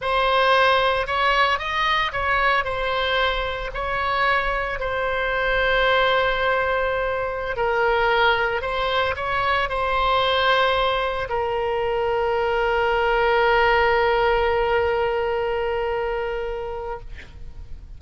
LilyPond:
\new Staff \with { instrumentName = "oboe" } { \time 4/4 \tempo 4 = 113 c''2 cis''4 dis''4 | cis''4 c''2 cis''4~ | cis''4 c''2.~ | c''2~ c''16 ais'4.~ ais'16~ |
ais'16 c''4 cis''4 c''4.~ c''16~ | c''4~ c''16 ais'2~ ais'8.~ | ais'1~ | ais'1 | }